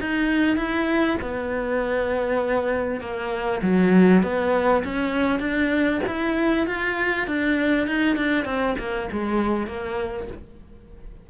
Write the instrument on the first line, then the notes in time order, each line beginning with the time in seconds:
cello
0.00 D#4
0.56 E4
1.21 B3
3.00 A#3
3.62 F#3
4.23 B3
4.84 C#4
5.39 D4
6.07 E4
6.66 F4
7.27 D4
7.87 D#4
8.16 D4
8.45 C4
8.79 A#3
9.12 G#3
9.67 A#3